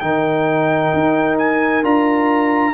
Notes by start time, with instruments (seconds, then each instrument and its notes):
0.00 tuba D#3, trombone D#4, horn A#4, trumpet G5
0.94 tuba D#4
1.38 trumpet G#5
1.83 tuba D4, trombone F4, trumpet A#5